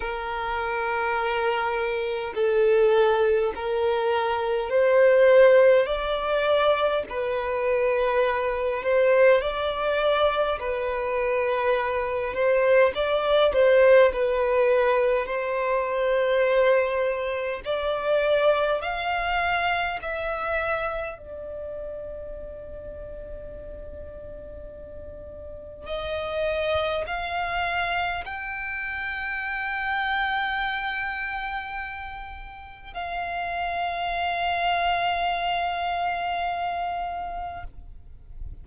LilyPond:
\new Staff \with { instrumentName = "violin" } { \time 4/4 \tempo 4 = 51 ais'2 a'4 ais'4 | c''4 d''4 b'4. c''8 | d''4 b'4. c''8 d''8 c''8 | b'4 c''2 d''4 |
f''4 e''4 d''2~ | d''2 dis''4 f''4 | g''1 | f''1 | }